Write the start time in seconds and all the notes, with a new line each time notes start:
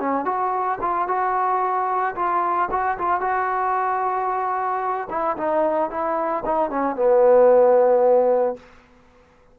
0.00 C#4
0.25 F#4
0.81 F4
1.08 F#4
2.16 F4
2.71 F#4
2.98 F4
3.21 F#4
5.10 E4
5.37 D#4
5.90 E4
6.45 D#4
6.70 C#4
6.96 B3